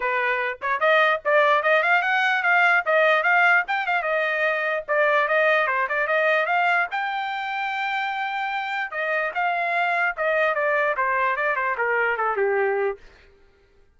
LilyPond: \new Staff \with { instrumentName = "trumpet" } { \time 4/4 \tempo 4 = 148 b'4. cis''8 dis''4 d''4 | dis''8 f''8 fis''4 f''4 dis''4 | f''4 g''8 f''8 dis''2 | d''4 dis''4 c''8 d''8 dis''4 |
f''4 g''2.~ | g''2 dis''4 f''4~ | f''4 dis''4 d''4 c''4 | d''8 c''8 ais'4 a'8 g'4. | }